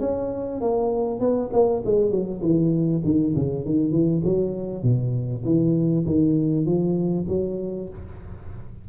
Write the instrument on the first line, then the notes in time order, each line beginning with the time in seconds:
tuba
0.00 C#4
0.61 A#3
1.20 B3
1.53 A#3
1.85 G#3
2.10 F#3
2.41 E3
3.04 D#3
3.35 C#3
3.65 D#3
3.91 E3
4.24 F#3
4.83 B2
5.44 E3
6.06 D#3
6.65 F3
7.28 F#3